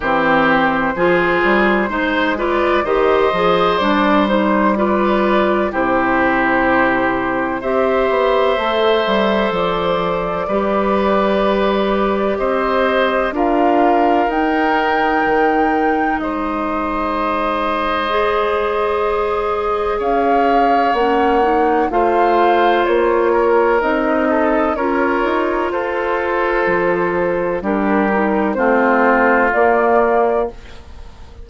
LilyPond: <<
  \new Staff \with { instrumentName = "flute" } { \time 4/4 \tempo 4 = 63 c''2~ c''8 d''8 dis''4 | d''8 c''8 d''4 c''2 | e''2 d''2~ | d''4 dis''4 f''4 g''4~ |
g''4 dis''2.~ | dis''4 f''4 fis''4 f''4 | cis''4 dis''4 cis''4 c''4~ | c''4 ais'4 c''4 d''4 | }
  \new Staff \with { instrumentName = "oboe" } { \time 4/4 g'4 gis'4 c''8 b'8 c''4~ | c''4 b'4 g'2 | c''2. b'4~ | b'4 c''4 ais'2~ |
ais'4 c''2.~ | c''4 cis''2 c''4~ | c''8 ais'4 a'8 ais'4 a'4~ | a'4 g'4 f'2 | }
  \new Staff \with { instrumentName = "clarinet" } { \time 4/4 c'4 f'4 dis'8 f'8 g'8 gis'8 | d'8 dis'8 f'4 e'2 | g'4 a'2 g'4~ | g'2 f'4 dis'4~ |
dis'2. gis'4~ | gis'2 cis'8 dis'8 f'4~ | f'4 dis'4 f'2~ | f'4 d'8 dis'8 c'4 ais4 | }
  \new Staff \with { instrumentName = "bassoon" } { \time 4/4 e4 f8 g8 gis4 dis8 f8 | g2 c2 | c'8 b8 a8 g8 f4 g4~ | g4 c'4 d'4 dis'4 |
dis4 gis2.~ | gis4 cis'4 ais4 a4 | ais4 c'4 cis'8 dis'8 f'4 | f4 g4 a4 ais4 | }
>>